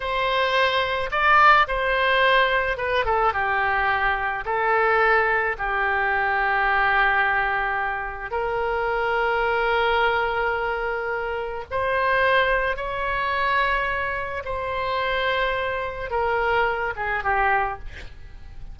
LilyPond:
\new Staff \with { instrumentName = "oboe" } { \time 4/4 \tempo 4 = 108 c''2 d''4 c''4~ | c''4 b'8 a'8 g'2 | a'2 g'2~ | g'2. ais'4~ |
ais'1~ | ais'4 c''2 cis''4~ | cis''2 c''2~ | c''4 ais'4. gis'8 g'4 | }